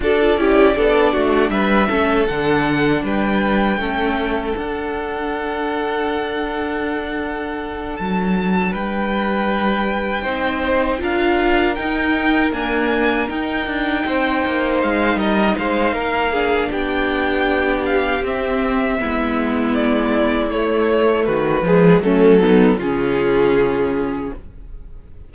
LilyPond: <<
  \new Staff \with { instrumentName = "violin" } { \time 4/4 \tempo 4 = 79 d''2 e''4 fis''4 | g''2 fis''2~ | fis''2~ fis''8 a''4 g''8~ | g''2~ g''8 f''4 g''8~ |
g''8 gis''4 g''2 f''8 | dis''8 f''4. g''4. f''8 | e''2 d''4 cis''4 | b'4 a'4 gis'2 | }
  \new Staff \with { instrumentName = "violin" } { \time 4/4 a'8 g'8 a'8 fis'8 b'8 a'4. | b'4 a'2.~ | a'2.~ a'8 b'8~ | b'4. c''4 ais'4.~ |
ais'2~ ais'8 c''4. | ais'8 c''8 ais'8 gis'8 g'2~ | g'4 e'2. | fis'8 gis'8 cis'8 dis'8 f'2 | }
  \new Staff \with { instrumentName = "viola" } { \time 4/4 fis'16 f'16 e'8 d'4. cis'8 d'4~ | d'4 cis'4 d'2~ | d'1~ | d'4. dis'4 f'4 dis'8~ |
dis'8 ais4 dis'2~ dis'8~ | dis'4. d'2~ d'8 | c'4 b2 a4~ | a8 gis8 a8 b8 cis'2 | }
  \new Staff \with { instrumentName = "cello" } { \time 4/4 d'8 cis'8 b8 a8 g8 a8 d4 | g4 a4 d'2~ | d'2~ d'8 fis4 g8~ | g4. c'4 d'4 dis'8~ |
dis'8 d'4 dis'8 d'8 c'8 ais8 gis8 | g8 gis8 ais4 b2 | c'4 gis2 a4 | dis8 f8 fis4 cis2 | }
>>